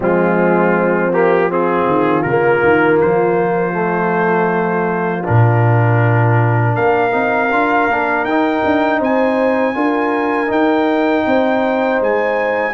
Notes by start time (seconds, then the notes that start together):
0.00 F3 G#3 C4 F4
1.12 A#3 G4
1.49 C4 F4 G#4
1.85 D#3
2.22 C#3 A#4
2.29 A#3
2.62 D#3
3.00 F3 C5
3.73 A3
5.23 A#2 D4 A#4
6.73 A#3 A#4 F5
7.11 C4 D#4
7.50 D4 F4
7.88 A#3 D4
8.23 D#4 G5
8.64 D4
8.99 C4 C5 G#5
9.74 D4 F4 A#4
10.47 D#4 G5
11.26 C4 C5
12.00 G#3 G#5